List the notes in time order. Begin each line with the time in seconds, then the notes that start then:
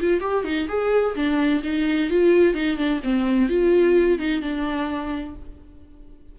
0.00 F4
0.20 G4
0.44 D#4
0.68 G#4
1.15 D4
1.63 D#4
2.10 F4
2.54 D#4
2.77 D4
3.03 C4
3.49 F4
4.18 D#4
4.41 D4